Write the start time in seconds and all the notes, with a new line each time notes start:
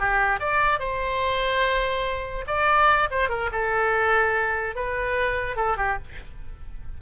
0.00 G4
0.40 D5
0.80 C5
2.47 D5
3.11 C5
3.30 A#4
3.52 A4
4.76 B4
5.57 A4
5.77 G4